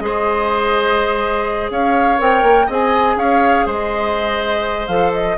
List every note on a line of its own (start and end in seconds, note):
0.00 1.71 G#3
0.00 2.19 G#4
0.00 1.72 C5
0.00 1.71 D#5
1.71 2.19 C#4
1.71 2.67 C#5
1.71 2.20 F5
2.19 2.43 C4
2.19 2.68 A#4
2.19 2.70 G5
2.43 2.68 A#3
2.67 3.16 C4
2.67 4.89 G#4
2.67 3.16 D#5
2.73 3.19 G#5
3.16 3.65 C#4
3.16 3.66 C#5
3.16 3.67 F5
3.66 4.88 G#3
3.66 5.37 C5
3.66 4.88 D#5
4.88 5.37 F3
4.88 5.38 A4
4.88 5.12 F5
5.14 5.38 D#5